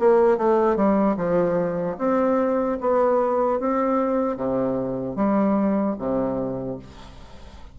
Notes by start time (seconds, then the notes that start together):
0.00 A#3
0.38 A3
0.77 G3
1.17 F3
1.99 C4
2.81 B3
3.60 C4
4.37 C3
5.16 G3
5.99 C3